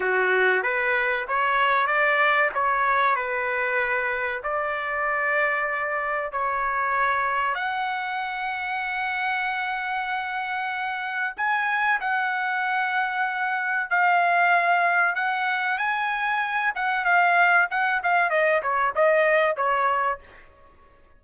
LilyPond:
\new Staff \with { instrumentName = "trumpet" } { \time 4/4 \tempo 4 = 95 fis'4 b'4 cis''4 d''4 | cis''4 b'2 d''4~ | d''2 cis''2 | fis''1~ |
fis''2 gis''4 fis''4~ | fis''2 f''2 | fis''4 gis''4. fis''8 f''4 | fis''8 f''8 dis''8 cis''8 dis''4 cis''4 | }